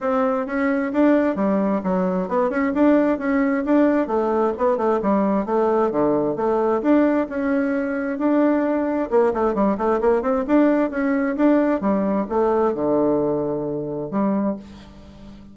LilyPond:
\new Staff \with { instrumentName = "bassoon" } { \time 4/4 \tempo 4 = 132 c'4 cis'4 d'4 g4 | fis4 b8 cis'8 d'4 cis'4 | d'4 a4 b8 a8 g4 | a4 d4 a4 d'4 |
cis'2 d'2 | ais8 a8 g8 a8 ais8 c'8 d'4 | cis'4 d'4 g4 a4 | d2. g4 | }